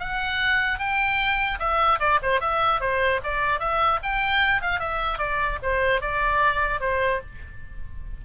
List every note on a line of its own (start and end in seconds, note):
0.00 0.79 F#5
0.79 1.59 G5
1.60 2.00 E5
2.00 2.20 D5
2.23 2.41 C5
2.41 2.81 E5
2.81 3.21 C5
3.24 3.60 D5
3.60 4.00 E5
4.03 4.62 G5
4.62 4.80 F5
4.80 5.19 E5
5.19 5.59 D5
5.63 6.02 C5
6.02 6.81 D5
6.81 7.21 C5